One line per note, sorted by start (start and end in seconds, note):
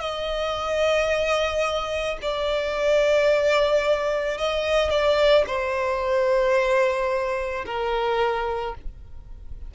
0.00 2.18 D#5
2.22 4.38 D5
4.38 4.90 D#5
4.90 5.45 D5
5.47 7.66 C5
7.66 8.75 A#4